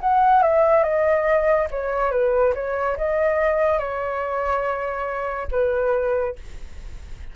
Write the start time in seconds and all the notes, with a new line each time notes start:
0.00 F#5
0.42 E5
0.83 D#5
1.71 C#5
2.11 B4
2.54 C#5
2.97 D#5
3.78 C#5
5.51 B4